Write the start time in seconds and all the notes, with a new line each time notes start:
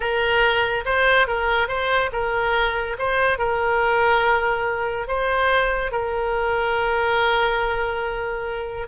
0.00 A#4
0.85 C5
1.27 A#4
1.68 C5
2.12 A#4
2.98 C5
3.38 A#4
5.07 C5
5.91 A#4